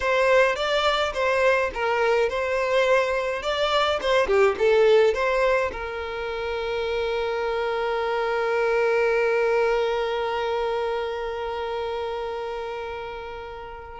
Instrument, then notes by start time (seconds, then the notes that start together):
violin
0.00 C5
0.55 D5
1.13 C5
1.74 A#4
2.29 C5
3.42 D5
4.01 C5
4.27 G4
4.58 A4
5.14 C5
5.72 A#4